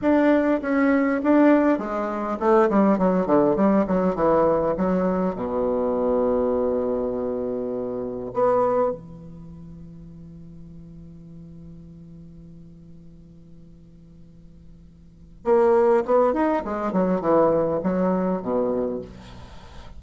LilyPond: \new Staff \with { instrumentName = "bassoon" } { \time 4/4 \tempo 4 = 101 d'4 cis'4 d'4 gis4 | a8 g8 fis8 d8 g8 fis8 e4 | fis4 b,2.~ | b,2 b4 e4~ |
e1~ | e1~ | e2 ais4 b8 dis'8 | gis8 fis8 e4 fis4 b,4 | }